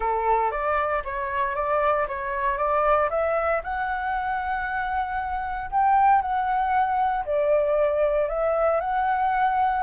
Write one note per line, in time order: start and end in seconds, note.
0.00 0.51 A4
0.51 1.02 D5
1.04 1.55 C#5
1.55 2.06 D5
2.08 2.57 C#5
2.57 3.09 D5
3.10 3.61 E5
3.63 5.70 F#5
5.71 6.21 G5
6.21 7.25 F#5
7.25 8.28 D5
8.28 8.80 E5
8.80 9.83 F#5